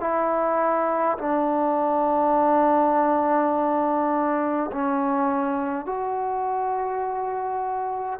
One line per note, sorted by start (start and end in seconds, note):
0.00 1.18 E4
1.18 4.71 D4
4.72 5.86 C#4
5.86 8.20 F#4